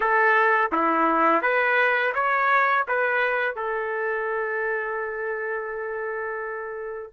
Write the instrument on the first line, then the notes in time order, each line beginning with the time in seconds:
trumpet
0.00 A4
0.71 E4
1.42 B4
2.14 C#5
2.88 B4
3.55 A4